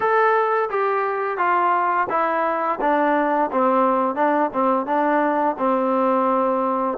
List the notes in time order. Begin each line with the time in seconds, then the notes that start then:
0.00 A4
0.69 G4
1.37 F4
2.09 E4
2.80 D4
3.51 C4
4.15 D4
4.53 C4
4.86 D4
5.58 C4